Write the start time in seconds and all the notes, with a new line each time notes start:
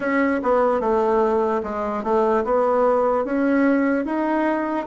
0.00 C#4
0.43 B3
0.80 A3
1.63 G#3
2.03 A3
2.44 B3
3.24 C#4
4.05 D#4